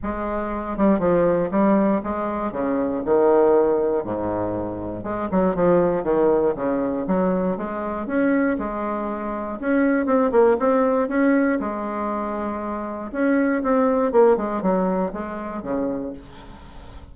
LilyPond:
\new Staff \with { instrumentName = "bassoon" } { \time 4/4 \tempo 4 = 119 gis4. g8 f4 g4 | gis4 cis4 dis2 | gis,2 gis8 fis8 f4 | dis4 cis4 fis4 gis4 |
cis'4 gis2 cis'4 | c'8 ais8 c'4 cis'4 gis4~ | gis2 cis'4 c'4 | ais8 gis8 fis4 gis4 cis4 | }